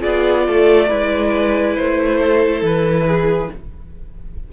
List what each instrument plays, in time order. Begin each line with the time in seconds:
0.00 cello B3, viola F4, violin G#4 D5
0.47 cello A3, violin A4
0.88 cello G#3, viola E4, violin B4
1.76 cello A3, violin C5
2.19 violin A4
2.62 cello E3, violin B4
3.07 violin G#4